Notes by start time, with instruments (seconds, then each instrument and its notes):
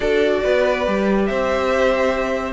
0.00 cello D4, viola F#4, violin A4 D5
0.43 cello B3, violin B4
0.85 cello G3, viola G4
1.26 cello C4, violin C5 E5